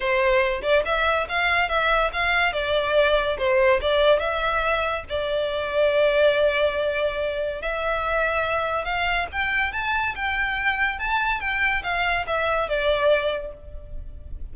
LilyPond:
\new Staff \with { instrumentName = "violin" } { \time 4/4 \tempo 4 = 142 c''4. d''8 e''4 f''4 | e''4 f''4 d''2 | c''4 d''4 e''2 | d''1~ |
d''2 e''2~ | e''4 f''4 g''4 a''4 | g''2 a''4 g''4 | f''4 e''4 d''2 | }